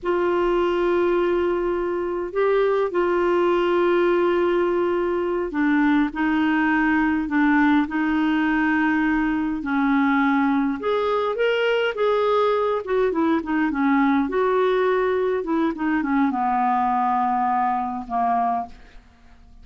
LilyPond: \new Staff \with { instrumentName = "clarinet" } { \time 4/4 \tempo 4 = 103 f'1 | g'4 f'2.~ | f'4. d'4 dis'4.~ | dis'8 d'4 dis'2~ dis'8~ |
dis'8 cis'2 gis'4 ais'8~ | ais'8 gis'4. fis'8 e'8 dis'8 cis'8~ | cis'8 fis'2 e'8 dis'8 cis'8 | b2. ais4 | }